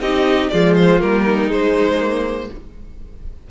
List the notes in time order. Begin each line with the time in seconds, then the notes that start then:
0.00 C4 D#4 G4 D#5
0.49 F3 G#3 F4 D5
0.76 C5
0.99 G3 A#3 A#4
1.24 D#4
1.47 G#3 C5
2.00 A#3